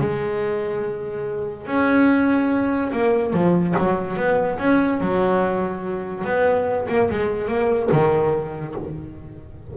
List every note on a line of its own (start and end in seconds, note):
0.00 1.66 G#3
1.66 2.91 C#4
2.92 3.33 A#3
3.33 3.74 F3
3.78 4.16 F#3
4.16 4.58 B3
4.59 5.00 C#4
5.00 6.24 F#3
6.24 6.87 B3
6.88 7.09 A#3
7.10 7.48 G#3
7.48 7.89 A#3
7.91 8.75 D#3